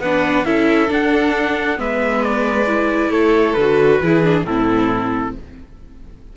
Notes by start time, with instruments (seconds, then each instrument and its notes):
0.00 cello B3, viola D4, violin B4, trumpet F#5
0.45 cello C#4, viola E4, violin A4, trumpet E5
0.88 viola D4, cello D4, trumpet F#5
1.77 cello G#3, viola B3, violin B4, trumpet E5
2.24 trumpet D5
2.67 viola E4
3.10 cello A3, violin A4, trumpet C#5
3.54 cello D3, trumpet B4
3.61 viola F#4
4.01 cello E3, viola E4, violin G#4
4.23 viola D4
4.45 cello A2, viola C4, violin E4, trumpet A4